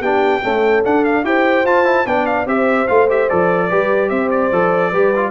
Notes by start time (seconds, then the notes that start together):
0.00 B3 D4 G4 G5
0.43 A3 C#4 A4
0.84 D4 F#5
1.05 F5
1.24 E4 G4 C5 G5
1.65 F4 A5
1.85 E4
2.06 B3 D4 D5 G5
2.26 F5
2.46 C4 G4 C5 E5
2.88 A3 F4 F5
3.09 G4 E5
3.29 F3 A4 D5
3.69 G3 G4 B4
4.09 C4 C5 E5
4.31 D5
4.52 F3 A4
4.91 G3 G4 B4
5.16 F4